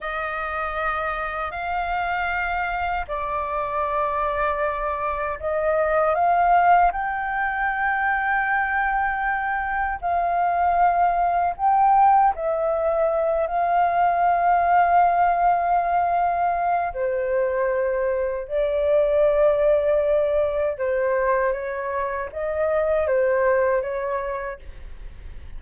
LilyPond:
\new Staff \with { instrumentName = "flute" } { \time 4/4 \tempo 4 = 78 dis''2 f''2 | d''2. dis''4 | f''4 g''2.~ | g''4 f''2 g''4 |
e''4. f''2~ f''8~ | f''2 c''2 | d''2. c''4 | cis''4 dis''4 c''4 cis''4 | }